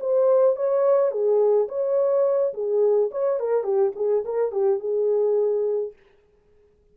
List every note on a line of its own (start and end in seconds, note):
0.00 0.56 C5
0.56 1.11 C#5
1.11 1.67 G#4
1.68 2.53 C#5
2.53 3.10 G#4
3.11 3.39 C#5
3.40 3.64 A#4
3.64 3.92 G4
3.95 4.24 G#4
4.25 4.52 A#4
4.52 4.80 G4
4.80 5.93 G#4